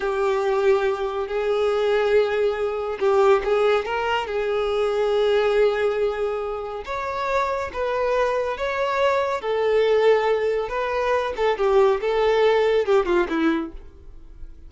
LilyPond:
\new Staff \with { instrumentName = "violin" } { \time 4/4 \tempo 4 = 140 g'2. gis'4~ | gis'2. g'4 | gis'4 ais'4 gis'2~ | gis'1 |
cis''2 b'2 | cis''2 a'2~ | a'4 b'4. a'8 g'4 | a'2 g'8 f'8 e'4 | }